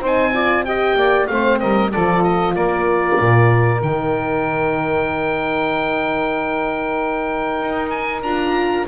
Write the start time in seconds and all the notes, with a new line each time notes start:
0.00 C4 D#4 C5 G#5
0.33 F4 D5
0.65 G4 D#5 G5
0.95 A#3 D5
1.27 A3 C4 C5 F5
1.59 G3 A#4 D#5
1.90 F3 F4 A4 D5
2.23 D#5
2.55 A#3 A#4 D5
3.20 A#2
3.81 D#3 D#4 G5
7.61 D#4
7.90 G#5
8.22 D4 F4 A#5